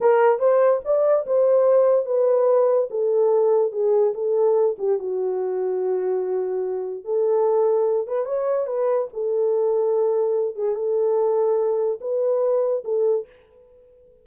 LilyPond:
\new Staff \with { instrumentName = "horn" } { \time 4/4 \tempo 4 = 145 ais'4 c''4 d''4 c''4~ | c''4 b'2 a'4~ | a'4 gis'4 a'4. g'8 | fis'1~ |
fis'4 a'2~ a'8 b'8 | cis''4 b'4 a'2~ | a'4. gis'8 a'2~ | a'4 b'2 a'4 | }